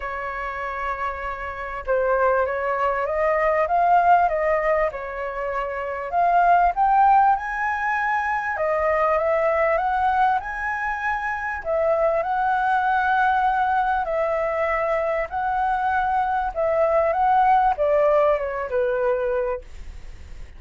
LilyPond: \new Staff \with { instrumentName = "flute" } { \time 4/4 \tempo 4 = 98 cis''2. c''4 | cis''4 dis''4 f''4 dis''4 | cis''2 f''4 g''4 | gis''2 dis''4 e''4 |
fis''4 gis''2 e''4 | fis''2. e''4~ | e''4 fis''2 e''4 | fis''4 d''4 cis''8 b'4. | }